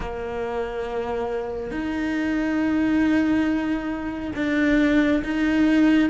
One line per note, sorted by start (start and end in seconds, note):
0.00 1.71 A#3
1.71 4.32 D#4
4.35 5.22 D4
5.24 6.09 D#4